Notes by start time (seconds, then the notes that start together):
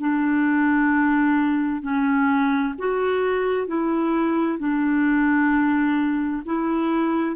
0.00 D4
1.82 C#4
2.79 F#4
3.68 E4
4.59 D4
6.46 E4